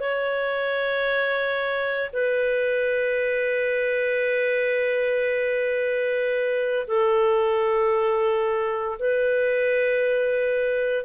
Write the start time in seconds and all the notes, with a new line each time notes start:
0.00 C#5
2.13 B4
6.88 A4
8.99 B4